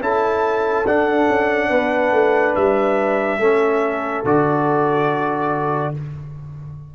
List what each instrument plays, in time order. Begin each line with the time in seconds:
0.00 tuba C#4, trombone E4, horn A4, trumpet A5
0.85 tuba D4, trombone D4, trumpet F#5
1.28 tuba C#4
1.69 tuba B3, horn B4
2.12 tuba A3
2.55 tuba G3, trumpet E5
3.38 tuba A3, trombone C#4, horn A4
4.24 tuba D3, trombone F#4, trumpet D5